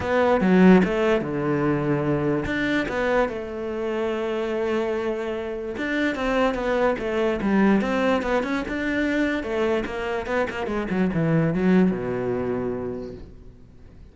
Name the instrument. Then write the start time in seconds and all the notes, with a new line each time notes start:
cello
0.00 B3
0.41 F#3
0.84 A3
1.21 D3
2.45 D4
2.88 B3
3.29 A3
5.77 D4
6.15 C4
6.54 B3
6.98 A3
7.41 G3
7.81 C4
8.22 B3
8.43 C#4
8.68 D4
9.43 A3
9.85 A#3
10.26 B3
10.50 A#3
10.66 G#3
10.90 F#3
11.13 E3
11.53 F#3
11.91 B2